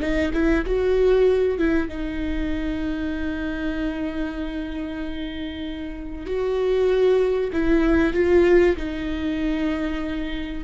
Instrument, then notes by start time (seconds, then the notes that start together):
viola
0.00 D#4
0.33 E4
0.65 F#4
1.58 E4
1.89 D#4
6.26 F#4
7.53 E4
8.13 F4
8.76 D#4